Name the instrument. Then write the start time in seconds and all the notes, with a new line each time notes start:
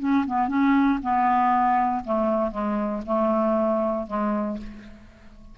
clarinet
0.00 C#4
0.27 B3
0.48 C#4
1.03 B3
2.05 A3
2.51 G#3
3.06 A3
4.07 G#3